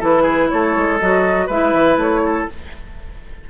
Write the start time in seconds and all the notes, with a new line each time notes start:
0.00 E3 E4 A4 B4
0.23 G#4
0.50 A3 A4 C#5
0.77 G#3
1.00 F#3 F#4 D#5
1.47 G#3 E4 B4 E5
1.74 E3
1.97 A3 C#5
2.25 A4